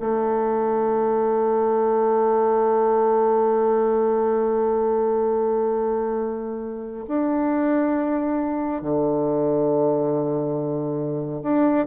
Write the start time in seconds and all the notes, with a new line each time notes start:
0.00 A3
7.08 D4
8.82 D3
11.43 D4